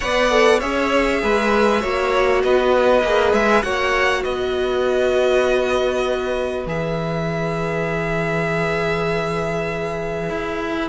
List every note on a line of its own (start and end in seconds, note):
0.00 0.62 B3
0.00 0.30 B4
0.00 0.59 D5
0.00 0.59 F#5
0.30 0.60 A4
0.59 1.22 C#4
0.59 1.80 G#4
0.59 1.20 C#5
0.59 2.41 E5
1.22 1.83 G#3
1.22 1.81 B4
1.80 2.43 A#3
1.80 3.01 F#4
1.80 2.41 C#5
2.43 3.03 B3
2.43 3.64 B4
2.43 3.33 D#5
3.03 3.32 A#3
3.03 3.63 G#4
3.32 3.63 G#3
3.32 3.62 E5
3.62 4.24 A#3
3.62 6.66 F#4
3.62 4.23 C#5
3.62 4.22 F#5
4.23 6.66 B3
4.23 10.88 B4
4.23 6.66 D#5
6.66 10.29 E3
6.66 10.88 G#4
6.66 10.88 E5
10.29 10.88 E4